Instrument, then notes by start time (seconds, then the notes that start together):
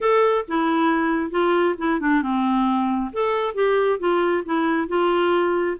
clarinet
0.00 A4
0.48 E4
1.31 F4
1.78 E4
2.00 D4
2.22 C4
3.12 A4
3.54 G4
3.99 F4
4.45 E4
4.88 F4